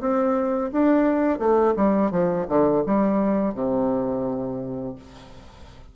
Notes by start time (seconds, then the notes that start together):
0.00 C4
0.72 D4
1.39 A3
1.76 G3
2.11 F3
2.48 D3
2.86 G3
3.54 C3